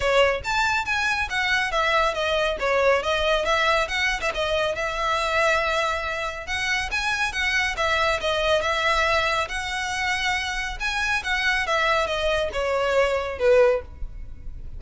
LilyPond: \new Staff \with { instrumentName = "violin" } { \time 4/4 \tempo 4 = 139 cis''4 a''4 gis''4 fis''4 | e''4 dis''4 cis''4 dis''4 | e''4 fis''8. e''16 dis''4 e''4~ | e''2. fis''4 |
gis''4 fis''4 e''4 dis''4 | e''2 fis''2~ | fis''4 gis''4 fis''4 e''4 | dis''4 cis''2 b'4 | }